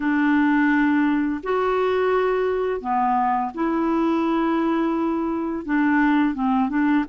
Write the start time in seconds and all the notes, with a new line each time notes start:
0.00 D4
1.43 F#4
2.80 B3
3.54 E4
5.65 D4
6.34 C4
6.69 D4